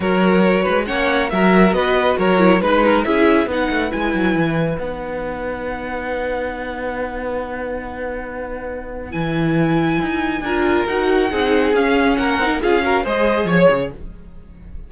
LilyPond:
<<
  \new Staff \with { instrumentName = "violin" } { \time 4/4 \tempo 4 = 138 cis''2 fis''4 e''4 | dis''4 cis''4 b'4 e''4 | fis''4 gis''2 fis''4~ | fis''1~ |
fis''1~ | fis''4 gis''2.~ | gis''4 fis''2 f''4 | fis''4 f''4 dis''4 cis''4 | }
  \new Staff \with { instrumentName = "violin" } { \time 4/4 ais'4. b'8 cis''4 ais'4 | b'4 ais'4 b'8 ais'8 gis'4 | b'1~ | b'1~ |
b'1~ | b'1 | ais'2 gis'2 | ais'4 gis'8 ais'8 c''4 cis''4 | }
  \new Staff \with { instrumentName = "viola" } { \time 4/4 fis'2 cis'4 fis'4~ | fis'4. e'8 dis'4 e'4 | dis'4 e'2 dis'4~ | dis'1~ |
dis'1~ | dis'4 e'2. | f'4 fis'4 dis'4 cis'4~ | cis'8 dis'8 f'8 fis'8 gis'2 | }
  \new Staff \with { instrumentName = "cello" } { \time 4/4 fis4. gis8 ais4 fis4 | b4 fis4 gis4 cis'4 | b8 a8 gis8 fis8 e4 b4~ | b1~ |
b1~ | b4 e2 dis'4 | d'4 dis'4 c'4 cis'4 | ais8 c'16 ais16 cis'4 gis4 f8 cis8 | }
>>